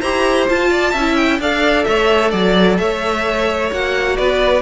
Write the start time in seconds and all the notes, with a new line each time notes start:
0.00 E4 G4 C5 A#5
0.49 F4 A5
0.70 D5
0.91 C#4 E5
0.99 E4
1.16 G5
1.39 D4 A4 D5 F5
1.84 A3 C#5 E5
2.30 F#3 D5
2.78 A3 C#5 E5
3.70 A#3 F#4 F#5
4.16 B3 B4 D5